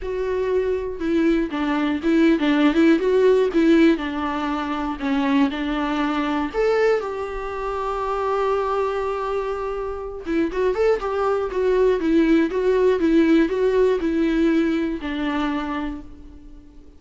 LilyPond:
\new Staff \with { instrumentName = "viola" } { \time 4/4 \tempo 4 = 120 fis'2 e'4 d'4 | e'8. d'8. e'8 fis'4 e'4 | d'2 cis'4 d'4~ | d'4 a'4 g'2~ |
g'1~ | g'8 e'8 fis'8 a'8 g'4 fis'4 | e'4 fis'4 e'4 fis'4 | e'2 d'2 | }